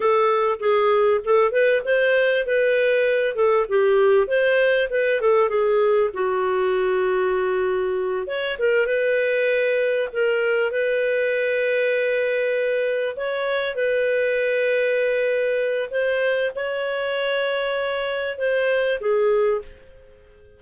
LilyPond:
\new Staff \with { instrumentName = "clarinet" } { \time 4/4 \tempo 4 = 98 a'4 gis'4 a'8 b'8 c''4 | b'4. a'8 g'4 c''4 | b'8 a'8 gis'4 fis'2~ | fis'4. cis''8 ais'8 b'4.~ |
b'8 ais'4 b'2~ b'8~ | b'4. cis''4 b'4.~ | b'2 c''4 cis''4~ | cis''2 c''4 gis'4 | }